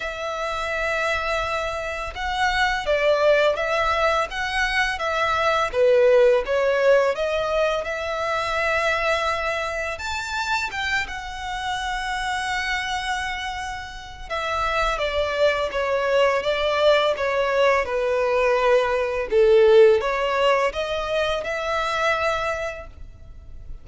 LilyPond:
\new Staff \with { instrumentName = "violin" } { \time 4/4 \tempo 4 = 84 e''2. fis''4 | d''4 e''4 fis''4 e''4 | b'4 cis''4 dis''4 e''4~ | e''2 a''4 g''8 fis''8~ |
fis''1 | e''4 d''4 cis''4 d''4 | cis''4 b'2 a'4 | cis''4 dis''4 e''2 | }